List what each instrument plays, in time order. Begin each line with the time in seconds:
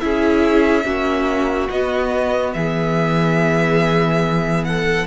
0.00 cello C#4, viola E4, violin G#4 E5
0.84 cello A#3, viola C#4, violin F#4
1.70 cello B3, viola B3, violin D#5
2.54 cello E3, violin G#4 E5
4.65 violin A4 F#5